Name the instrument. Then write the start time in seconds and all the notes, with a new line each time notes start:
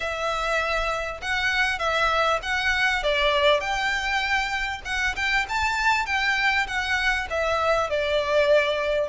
violin
0.00 E5
1.21 F#5
1.79 E5
2.42 F#5
3.03 D5
3.60 G5
4.85 F#5
5.15 G5
5.48 A5
6.06 G5
6.67 F#5
7.29 E5
7.89 D5